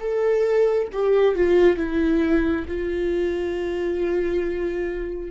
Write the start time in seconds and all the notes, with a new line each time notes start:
0.00 A4
0.93 G4
1.36 F4
1.77 E4
2.68 F4